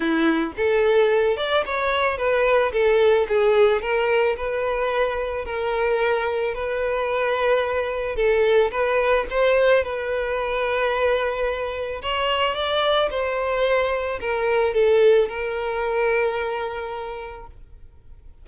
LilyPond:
\new Staff \with { instrumentName = "violin" } { \time 4/4 \tempo 4 = 110 e'4 a'4. d''8 cis''4 | b'4 a'4 gis'4 ais'4 | b'2 ais'2 | b'2. a'4 |
b'4 c''4 b'2~ | b'2 cis''4 d''4 | c''2 ais'4 a'4 | ais'1 | }